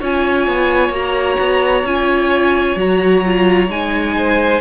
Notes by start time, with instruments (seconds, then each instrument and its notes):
0.00 cello C#4, viola F4, violin C#5 G#5
0.48 cello B3
0.90 cello A#3, viola F#4, violin A#5
1.40 cello B3
1.84 cello C#4, viola F4, violin G#5
2.76 cello F#3, viola F#4, violin A#5
3.26 viola F4
3.68 cello G#3, viola D#4, violin G#5
4.17 violin C5